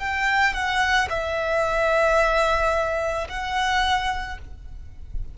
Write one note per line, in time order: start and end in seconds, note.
0.00 0.54 G5
0.54 1.09 F#5
1.10 3.28 E5
3.29 4.38 F#5